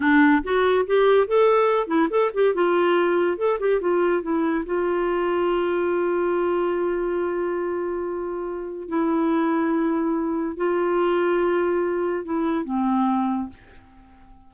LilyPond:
\new Staff \with { instrumentName = "clarinet" } { \time 4/4 \tempo 4 = 142 d'4 fis'4 g'4 a'4~ | a'8 e'8 a'8 g'8 f'2 | a'8 g'8 f'4 e'4 f'4~ | f'1~ |
f'1~ | f'4 e'2.~ | e'4 f'2.~ | f'4 e'4 c'2 | }